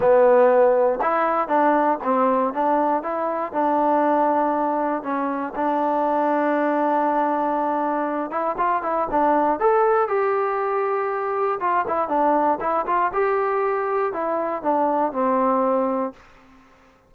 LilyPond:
\new Staff \with { instrumentName = "trombone" } { \time 4/4 \tempo 4 = 119 b2 e'4 d'4 | c'4 d'4 e'4 d'4~ | d'2 cis'4 d'4~ | d'1~ |
d'8 e'8 f'8 e'8 d'4 a'4 | g'2. f'8 e'8 | d'4 e'8 f'8 g'2 | e'4 d'4 c'2 | }